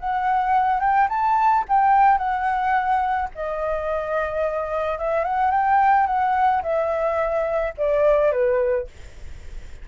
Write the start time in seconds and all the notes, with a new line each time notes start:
0.00 F#5
0.81 G5
1.10 A5
1.69 G5
2.18 F#5
3.35 D#5
4.99 E5
5.25 F#5
5.52 G5
6.07 F#5
6.63 E5
7.78 D5
8.32 B4